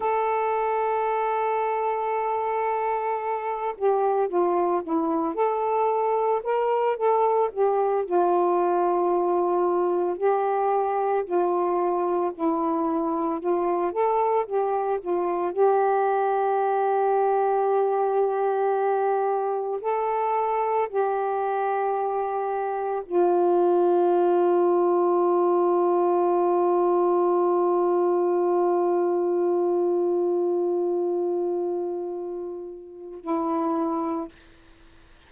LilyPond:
\new Staff \with { instrumentName = "saxophone" } { \time 4/4 \tempo 4 = 56 a'2.~ a'8 g'8 | f'8 e'8 a'4 ais'8 a'8 g'8 f'8~ | f'4. g'4 f'4 e'8~ | e'8 f'8 a'8 g'8 f'8 g'4.~ |
g'2~ g'8 a'4 g'8~ | g'4. f'2~ f'8~ | f'1~ | f'2. e'4 | }